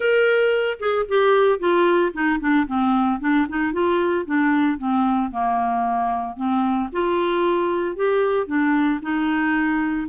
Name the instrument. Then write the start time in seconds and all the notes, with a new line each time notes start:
clarinet
0.00 A#4
0.79 G#4
1.08 G4
1.59 F4
2.13 D#4
2.40 D4
2.66 C4
3.20 D4
3.49 D#4
3.72 F4
4.25 D4
4.78 C4
5.31 A#3
6.36 C4
6.92 F4
7.95 G4
8.46 D4
9.01 D#4